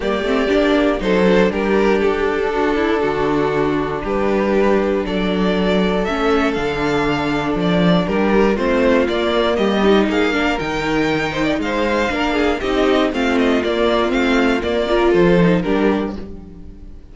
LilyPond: <<
  \new Staff \with { instrumentName = "violin" } { \time 4/4 \tempo 4 = 119 d''2 c''4 ais'4 | a'1 | b'2 d''2 | e''4 f''2 d''4 |
ais'4 c''4 d''4 dis''4 | f''4 g''2 f''4~ | f''4 dis''4 f''8 dis''8 d''4 | f''4 d''4 c''4 ais'4 | }
  \new Staff \with { instrumentName = "violin" } { \time 4/4 g'2 a'4 g'4~ | g'4 fis'8 e'8 fis'2 | g'2 a'2~ | a'1 |
g'4 f'2 g'4 | gis'8 ais'2 c''16 d''16 c''4 | ais'8 gis'8 g'4 f'2~ | f'4. ais'8 a'4 g'4 | }
  \new Staff \with { instrumentName = "viola" } { \time 4/4 ais8 c'8 d'4 dis'8 d'4.~ | d'1~ | d'1 | cis'4 d'2.~ |
d'4 c'4 ais4. dis'8~ | dis'8 d'8 dis'2. | d'4 dis'4 c'4 ais4 | c'4 ais8 f'4 dis'8 d'4 | }
  \new Staff \with { instrumentName = "cello" } { \time 4/4 g8 a8 ais4 fis4 g4 | d'2 d2 | g2 fis2 | a4 d2 f4 |
g4 a4 ais4 g4 | ais4 dis2 gis4 | ais4 c'4 a4 ais4 | a4 ais4 f4 g4 | }
>>